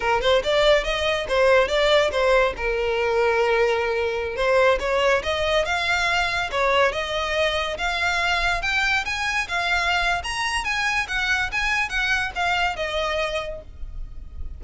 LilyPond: \new Staff \with { instrumentName = "violin" } { \time 4/4 \tempo 4 = 141 ais'8 c''8 d''4 dis''4 c''4 | d''4 c''4 ais'2~ | ais'2~ ais'16 c''4 cis''8.~ | cis''16 dis''4 f''2 cis''8.~ |
cis''16 dis''2 f''4.~ f''16~ | f''16 g''4 gis''4 f''4.~ f''16 | ais''4 gis''4 fis''4 gis''4 | fis''4 f''4 dis''2 | }